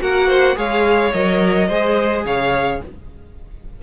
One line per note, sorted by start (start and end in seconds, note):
0.00 0.56 A#3
0.00 0.55 F#4
0.00 0.27 A#4
0.00 0.57 F#5
0.27 0.55 C5
0.55 1.12 G#3
0.55 1.11 G#4
0.55 1.68 C#5
0.55 1.13 F5
1.13 1.68 F#3
1.13 1.70 A#4
1.13 2.25 D#5
1.68 2.24 G#3
1.68 2.82 G#4
1.68 2.24 C5
2.24 2.80 C#3
2.24 2.82 C#5
2.24 2.81 F5